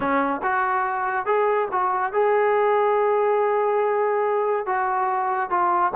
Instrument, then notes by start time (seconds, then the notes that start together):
trombone
0.00 C#4
0.42 F#4
1.26 G#4
1.71 F#4
2.12 G#4
4.65 F#4
5.49 F4